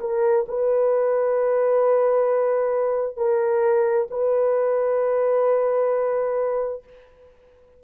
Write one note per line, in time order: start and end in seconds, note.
0.00 0.45 A#4
0.48 3.17 B4
3.17 4.07 A#4
4.10 6.83 B4